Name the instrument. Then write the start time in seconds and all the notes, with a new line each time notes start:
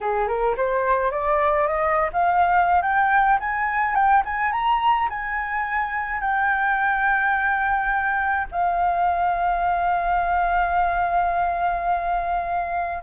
flute
0.01 G#4
0.27 A#4
0.57 C5
1.11 D5
1.67 D#5
2.13 F5
2.81 G5
3.40 G#5
3.94 G5
4.25 G#5
4.52 A#5
5.09 G#5
6.21 G5
8.51 F5